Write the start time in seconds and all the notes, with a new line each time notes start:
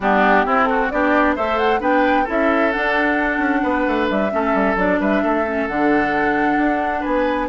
0.00 G3 B3 D4 G4
0.45 C4 E4
0.64 F#4 A4
0.90 B3 D4 G4 D5
1.35 A3 A4 C5 E5
1.58 F#5
1.80 B3 D4 B4 G5
2.23 C#4 E4 A4
2.30 E5
2.71 D4 F#5
3.38 C#4
3.63 B3 B4
3.87 A3
4.08 G3 E5
4.31 A3 C#4 A4
4.54 G3
4.75 F#3 D4 D5
4.99 G3 B4 E5
5.22 A3 A4
5.46 C#4
5.67 D3 D4 F#5
6.57 D4
7.00 B3 B4 G#5